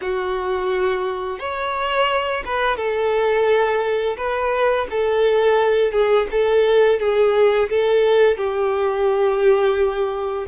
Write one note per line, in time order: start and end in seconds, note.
0.01 1.39 F#4
1.39 2.43 C#5
2.45 2.76 B4
2.76 4.16 A4
4.17 4.86 B4
4.90 5.91 A4
5.91 6.26 G#4
6.31 6.99 A4
6.99 7.69 G#4
7.69 8.37 A4
8.37 10.46 G4